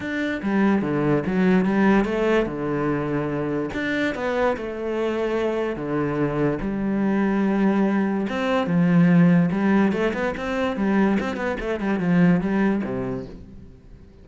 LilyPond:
\new Staff \with { instrumentName = "cello" } { \time 4/4 \tempo 4 = 145 d'4 g4 d4 fis4 | g4 a4 d2~ | d4 d'4 b4 a4~ | a2 d2 |
g1 | c'4 f2 g4 | a8 b8 c'4 g4 c'8 b8 | a8 g8 f4 g4 c4 | }